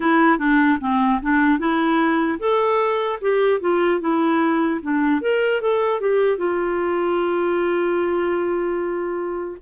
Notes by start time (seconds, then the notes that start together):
0.00 E4
0.38 D4
0.80 C4
1.21 D4
1.58 E4
2.39 A4
3.21 G4
3.60 F4
4.00 E4
4.82 D4
5.21 A#4
5.61 A4
6.00 G4
6.37 F4